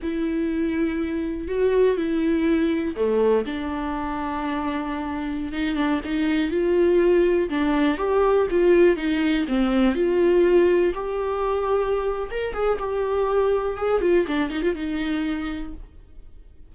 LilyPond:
\new Staff \with { instrumentName = "viola" } { \time 4/4 \tempo 4 = 122 e'2. fis'4 | e'2 a4 d'4~ | d'2.~ d'16 dis'8 d'16~ | d'16 dis'4 f'2 d'8.~ |
d'16 g'4 f'4 dis'4 c'8.~ | c'16 f'2 g'4.~ g'16~ | g'4 ais'8 gis'8 g'2 | gis'8 f'8 d'8 dis'16 f'16 dis'2 | }